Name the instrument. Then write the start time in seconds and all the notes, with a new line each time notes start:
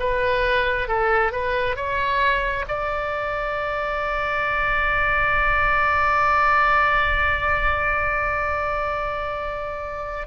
oboe
0.00 B4
0.88 A4
1.32 B4
1.76 C#5
2.69 D5